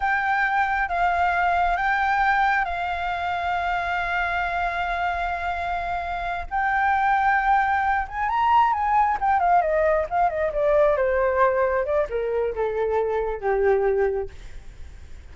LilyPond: \new Staff \with { instrumentName = "flute" } { \time 4/4 \tempo 4 = 134 g''2 f''2 | g''2 f''2~ | f''1~ | f''2~ f''8 g''4.~ |
g''2 gis''8 ais''4 gis''8~ | gis''8 g''8 f''8 dis''4 f''8 dis''8 d''8~ | d''8 c''2 d''8 ais'4 | a'2 g'2 | }